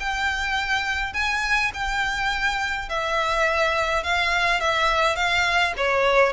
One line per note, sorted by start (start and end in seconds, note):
0.00 1.14 G5
1.14 1.72 G#5
1.74 2.89 G5
2.89 4.04 E5
4.04 4.60 F5
4.60 5.16 E5
5.16 5.74 F5
5.77 6.33 C#5